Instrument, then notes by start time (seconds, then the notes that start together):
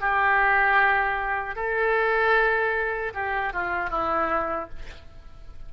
oboe
0.00 G4
1.55 A4
3.14 G4
3.53 F4
3.90 E4